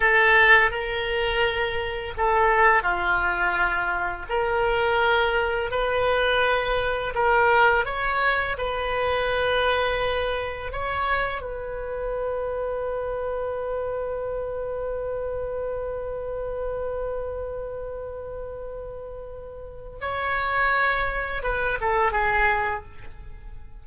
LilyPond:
\new Staff \with { instrumentName = "oboe" } { \time 4/4 \tempo 4 = 84 a'4 ais'2 a'4 | f'2 ais'2 | b'2 ais'4 cis''4 | b'2. cis''4 |
b'1~ | b'1~ | b'1 | cis''2 b'8 a'8 gis'4 | }